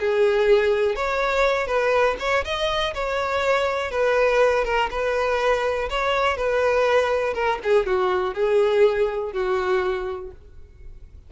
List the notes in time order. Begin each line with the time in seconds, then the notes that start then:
0.00 G#4
0.96 C#5
1.67 B4
2.20 C#5
2.45 D#5
2.94 C#5
3.91 B4
4.65 A#4
4.91 B4
5.90 C#5
6.37 B4
7.34 A#4
7.64 G#4
7.86 F#4
8.35 G#4
9.33 F#4